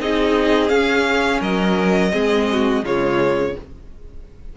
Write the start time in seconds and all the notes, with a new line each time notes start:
0.00 C4 D#4 G#4 D#5
0.68 C#4 F5
1.41 F#3 A#4 D#5
2.12 G#3 C4 G#4
2.52 F#4
2.84 C#3 G#3 F4 C#5